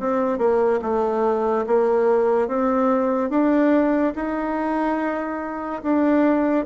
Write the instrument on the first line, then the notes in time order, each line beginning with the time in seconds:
bassoon
0.00 C4
0.39 A#3
0.83 A3
1.67 A#3
2.48 C4
3.30 D4
4.16 D#4
5.83 D4